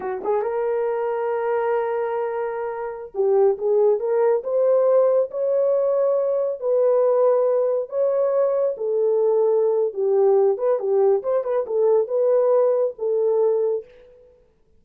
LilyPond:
\new Staff \with { instrumentName = "horn" } { \time 4/4 \tempo 4 = 139 fis'8 gis'8 ais'2.~ | ais'2.~ ais'16 g'8.~ | g'16 gis'4 ais'4 c''4.~ c''16~ | c''16 cis''2. b'8.~ |
b'2~ b'16 cis''4.~ cis''16~ | cis''16 a'2~ a'8. g'4~ | g'8 b'8 g'4 c''8 b'8 a'4 | b'2 a'2 | }